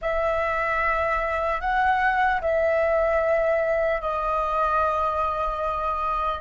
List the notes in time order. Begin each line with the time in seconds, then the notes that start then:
0.01 E5
1.60 F#5
2.41 E5
4.01 D#5